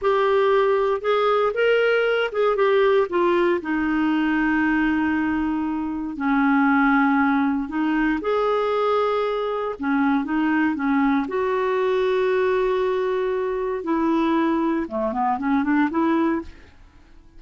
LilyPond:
\new Staff \with { instrumentName = "clarinet" } { \time 4/4 \tempo 4 = 117 g'2 gis'4 ais'4~ | ais'8 gis'8 g'4 f'4 dis'4~ | dis'1 | cis'2. dis'4 |
gis'2. cis'4 | dis'4 cis'4 fis'2~ | fis'2. e'4~ | e'4 a8 b8 cis'8 d'8 e'4 | }